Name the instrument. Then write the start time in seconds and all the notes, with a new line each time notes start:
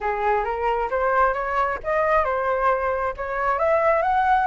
flute
0.00 G#4
0.44 A#4
0.90 C5
1.33 C#5
1.83 D#5
2.24 C5
3.16 C#5
3.58 E5
4.02 F#5